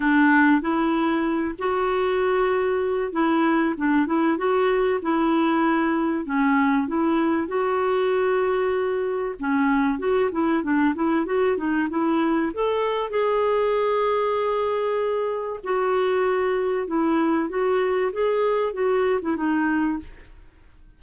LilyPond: \new Staff \with { instrumentName = "clarinet" } { \time 4/4 \tempo 4 = 96 d'4 e'4. fis'4.~ | fis'4 e'4 d'8 e'8 fis'4 | e'2 cis'4 e'4 | fis'2. cis'4 |
fis'8 e'8 d'8 e'8 fis'8 dis'8 e'4 | a'4 gis'2.~ | gis'4 fis'2 e'4 | fis'4 gis'4 fis'8. e'16 dis'4 | }